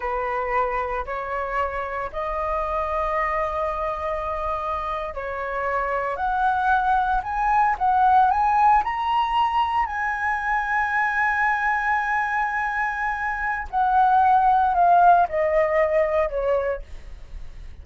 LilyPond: \new Staff \with { instrumentName = "flute" } { \time 4/4 \tempo 4 = 114 b'2 cis''2 | dis''1~ | dis''4.~ dis''16 cis''2 fis''16~ | fis''4.~ fis''16 gis''4 fis''4 gis''16~ |
gis''8. ais''2 gis''4~ gis''16~ | gis''1~ | gis''2 fis''2 | f''4 dis''2 cis''4 | }